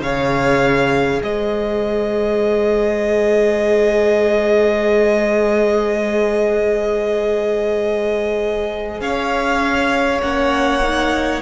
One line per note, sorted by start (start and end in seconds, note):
0.00 1.20 C#3
0.00 10.22 G#4
0.00 1.23 C#5
0.00 1.22 F5
1.22 9.00 G#3
1.22 9.02 C5
1.22 9.01 D#5
9.00 10.20 C#4
9.00 11.41 C#5
9.00 10.21 F5
10.22 11.41 A#3
10.22 10.82 C#4
10.22 11.41 F#5
10.83 11.41 D#4